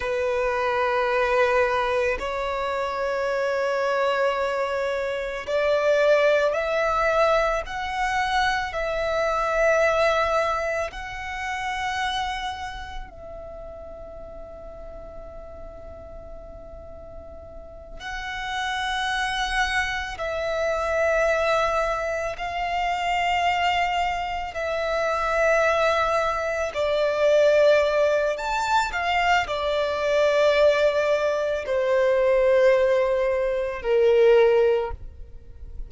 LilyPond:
\new Staff \with { instrumentName = "violin" } { \time 4/4 \tempo 4 = 55 b'2 cis''2~ | cis''4 d''4 e''4 fis''4 | e''2 fis''2 | e''1~ |
e''8 fis''2 e''4.~ | e''8 f''2 e''4.~ | e''8 d''4. a''8 f''8 d''4~ | d''4 c''2 ais'4 | }